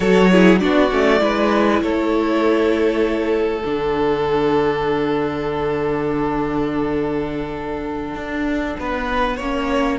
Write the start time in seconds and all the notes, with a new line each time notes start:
0.00 F#3 F#4 A4 C#5
0.31 E4 G#4
0.59 B3 D4 F#4 D5
0.91 A3 C#4
1.18 G#3 E4 B4
1.82 A3 A4 C#5
3.63 D3 D4 F#5
8.15 D4
8.79 B3 B4
9.36 A#3 C#4 C#5